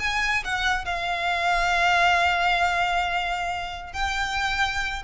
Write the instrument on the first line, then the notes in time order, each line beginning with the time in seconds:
violin
0.00 G#5
0.45 F#5
0.86 F5
3.93 G5